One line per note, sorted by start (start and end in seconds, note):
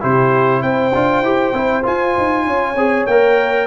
0.00 0.62 C3
0.00 0.92 E4
0.00 0.62 G4
0.00 0.62 C5
0.62 0.93 C4
0.62 2.46 C5
0.62 1.84 G5
0.94 1.21 D4
0.94 1.24 F4
1.21 1.52 E4
1.21 1.54 G4
1.53 1.83 C4
1.53 1.82 E4
1.82 2.74 F4
1.82 2.17 F4
1.82 3.06 G#5
2.17 2.46 D#4
2.46 2.75 C#4
2.46 3.66 C#5
2.75 3.06 C4
2.75 3.08 G#4
3.06 3.66 A#3
3.06 3.66 A#4
3.06 3.66 G5